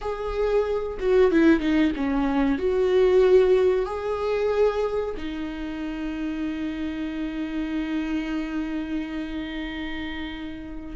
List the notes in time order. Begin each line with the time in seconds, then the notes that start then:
0.01 G#4
0.99 F#4
1.31 E4
1.60 D#4
1.95 C#4
2.58 F#4
3.85 G#4
5.17 D#4